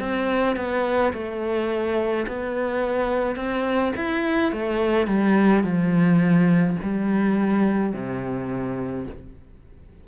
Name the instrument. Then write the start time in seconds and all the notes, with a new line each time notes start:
cello
0.00 C4
0.56 B3
1.13 A3
2.27 B3
3.36 C4
3.96 E4
4.52 A3
5.07 G3
5.64 F3
6.82 G3
7.93 C3